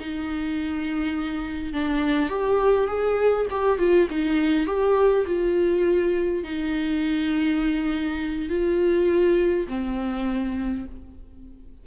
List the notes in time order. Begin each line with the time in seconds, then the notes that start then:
0.00 D#4
1.73 D4
2.30 G4
2.87 G#4
3.51 G4
3.79 F4
4.10 D#4
4.67 G4
5.26 F4
6.44 D#4
8.49 F4
9.68 C4